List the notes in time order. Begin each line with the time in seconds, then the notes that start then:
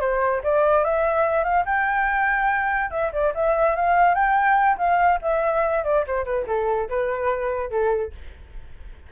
0.00 C5
0.43 D5
0.84 E5
1.43 F5
1.65 G5
2.90 E5
3.12 D5
3.34 E5
3.76 F5
4.14 G5
4.78 F5
5.22 E5
5.84 D5
6.07 C5
6.24 B4
6.47 A4
6.89 B4
7.70 A4